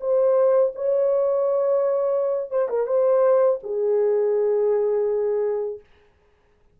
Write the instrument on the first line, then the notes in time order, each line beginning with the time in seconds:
horn
0.00 C5
0.75 C#5
2.50 C5
2.69 A#4
2.87 C5
3.63 G#4